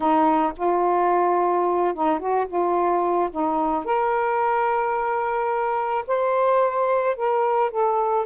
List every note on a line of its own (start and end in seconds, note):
0.00 0.53 D#4
0.56 1.94 F4
1.94 2.19 D#4
2.19 2.46 F#4
2.47 3.29 F4
3.31 3.84 D#4
3.84 6.05 A#4
6.07 7.16 C5
7.16 7.71 A#4
7.71 8.26 A4